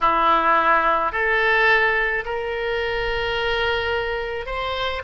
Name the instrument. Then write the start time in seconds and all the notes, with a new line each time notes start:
oboe
0.00 E4
1.12 A4
2.25 A#4
4.46 C5